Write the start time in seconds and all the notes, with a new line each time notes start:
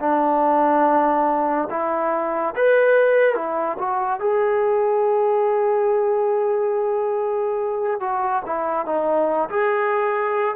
0.00 D4
1.71 E4
2.56 B4
3.35 E4
3.79 F#4
4.20 G#4
8.01 F#4
8.46 E4
8.86 D#4
9.50 G#4